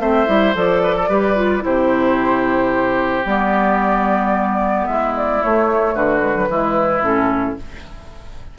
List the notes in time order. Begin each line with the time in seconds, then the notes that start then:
0.00 A3 C4 C5 E5
0.27 G3 E4
0.55 F3 A4 D5
0.84 B4
0.96 A4
1.09 G3 G4 B4
1.36 F4
1.61 C3 E4 G4 C5
3.25 G3 B3 D5
4.86 G#3 E4 E5
5.17 D5
5.42 A3 C#5
5.95 D3 F#4 B4
6.19 G#3
6.35 F#3
6.50 E3 G#3 E4
7.02 A2 C#4 A4